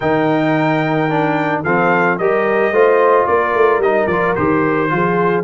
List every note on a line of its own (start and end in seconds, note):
0.00 1.64 D#3
0.00 1.09 D#4
0.00 1.63 A#4
0.00 1.62 G5
1.09 1.64 D4
1.63 2.18 F3
1.63 2.19 C4
1.63 2.17 A4
1.63 2.17 F5
2.17 2.71 G3
2.17 2.74 G4
2.17 2.72 A#4
2.17 3.26 D#5
2.71 3.25 A3
2.71 3.83 F4
2.71 3.27 C5
3.26 3.54 A#3
3.26 4.92 A#4
3.26 3.81 D5
3.54 3.78 A3
3.78 4.05 G3
3.78 4.10 D#4
3.78 4.06 D#5
4.06 4.34 F3
4.06 4.36 F4
4.06 4.34 D5
4.35 4.91 D#3
4.35 4.89 G4
4.35 5.44 C5
4.89 5.44 F3
4.89 5.44 F4
4.89 5.44 G#4